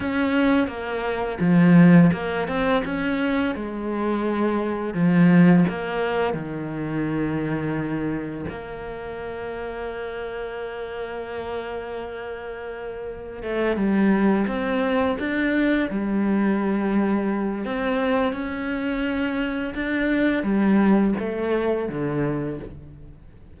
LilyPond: \new Staff \with { instrumentName = "cello" } { \time 4/4 \tempo 4 = 85 cis'4 ais4 f4 ais8 c'8 | cis'4 gis2 f4 | ais4 dis2. | ais1~ |
ais2. a8 g8~ | g8 c'4 d'4 g4.~ | g4 c'4 cis'2 | d'4 g4 a4 d4 | }